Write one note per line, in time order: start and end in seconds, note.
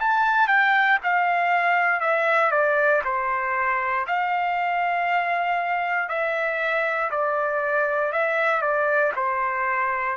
0.00 0.48 A5
0.48 0.98 G5
1.03 2.00 F5
2.00 2.51 E5
2.51 3.02 D5
3.05 4.06 C5
4.07 6.09 F5
6.09 7.10 E5
7.11 8.12 D5
8.12 8.62 E5
8.62 9.12 D5
9.16 10.17 C5